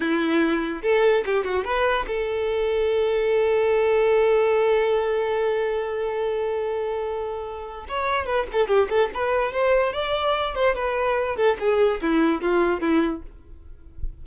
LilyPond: \new Staff \with { instrumentName = "violin" } { \time 4/4 \tempo 4 = 145 e'2 a'4 g'8 fis'8 | b'4 a'2.~ | a'1~ | a'1~ |
a'2. cis''4 | b'8 a'8 g'8 a'8 b'4 c''4 | d''4. c''8 b'4. a'8 | gis'4 e'4 f'4 e'4 | }